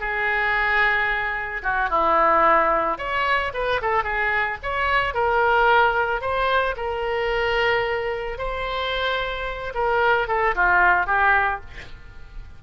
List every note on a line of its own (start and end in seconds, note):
0.00 1.62 G#4
1.63 1.90 F#4
1.90 2.98 E4
2.98 3.52 C#5
3.54 3.81 B4
3.82 4.04 A4
4.04 4.58 G#4
4.63 5.14 C#5
5.14 6.21 A#4
6.21 6.75 C5
6.77 8.38 A#4
8.38 9.73 C5
9.74 10.28 A#4
10.28 10.55 A4
10.55 11.06 F4
11.06 11.60 G4